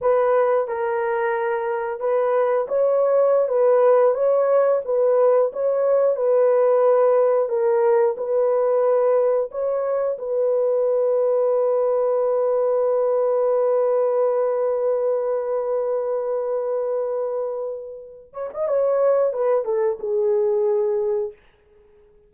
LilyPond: \new Staff \with { instrumentName = "horn" } { \time 4/4 \tempo 4 = 90 b'4 ais'2 b'4 | cis''4~ cis''16 b'4 cis''4 b'8.~ | b'16 cis''4 b'2 ais'8.~ | ais'16 b'2 cis''4 b'8.~ |
b'1~ | b'1~ | b'2.~ b'8 cis''16 dis''16 | cis''4 b'8 a'8 gis'2 | }